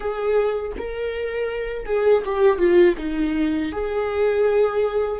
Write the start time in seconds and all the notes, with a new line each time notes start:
0.00 G#4
0.77 A#4
1.85 G#4
2.25 G4
2.58 F4
2.97 D#4
3.71 G#4